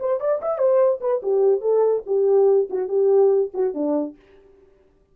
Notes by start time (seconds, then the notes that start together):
0.00 C5
0.20 D5
0.42 E5
0.58 C5
1.01 B4
1.23 G4
1.61 A4
2.06 G4
2.70 F#4
2.88 G4
3.54 F#4
3.74 D4